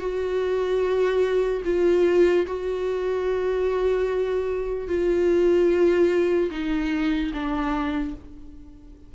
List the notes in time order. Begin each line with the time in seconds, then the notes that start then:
0.00 F#4
1.65 F4
2.46 F#4
4.88 F4
6.51 D#4
7.33 D4